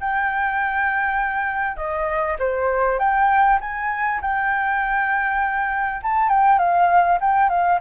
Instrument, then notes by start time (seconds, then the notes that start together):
flute
0.00 G5
1.76 D#5
2.39 C5
2.99 G5
3.61 G#5
4.21 G5
6.02 A5
6.29 G5
6.58 F5
7.21 G5
7.49 F5